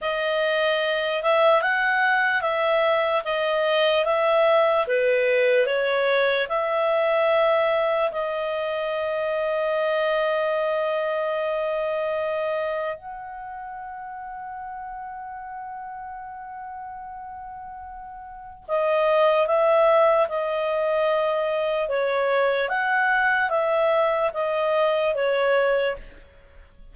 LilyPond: \new Staff \with { instrumentName = "clarinet" } { \time 4/4 \tempo 4 = 74 dis''4. e''8 fis''4 e''4 | dis''4 e''4 b'4 cis''4 | e''2 dis''2~ | dis''1 |
fis''1~ | fis''2. dis''4 | e''4 dis''2 cis''4 | fis''4 e''4 dis''4 cis''4 | }